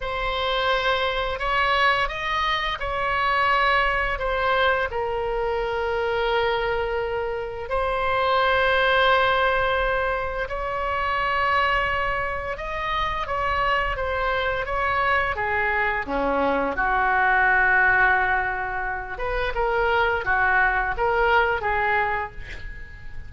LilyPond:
\new Staff \with { instrumentName = "oboe" } { \time 4/4 \tempo 4 = 86 c''2 cis''4 dis''4 | cis''2 c''4 ais'4~ | ais'2. c''4~ | c''2. cis''4~ |
cis''2 dis''4 cis''4 | c''4 cis''4 gis'4 cis'4 | fis'2.~ fis'8 b'8 | ais'4 fis'4 ais'4 gis'4 | }